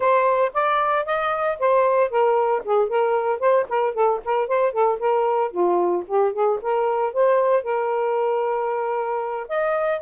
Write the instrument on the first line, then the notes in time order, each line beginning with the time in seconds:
saxophone
0.00 C5
0.53 D5
1.05 D#5
1.59 C5
2.10 A#4
2.64 G#4
2.88 A#4
3.39 C5
3.68 A#4
3.94 A4
4.24 A#4
4.47 C5
4.72 A4
4.99 A#4
5.51 F4
6.07 G4
6.32 G#4
6.61 A#4
7.13 C5
7.63 A#4
9.48 D#5